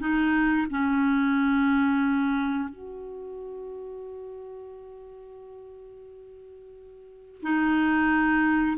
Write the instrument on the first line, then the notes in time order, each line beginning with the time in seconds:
clarinet
0.00 D#4
0.70 C#4
2.69 F#4
7.42 D#4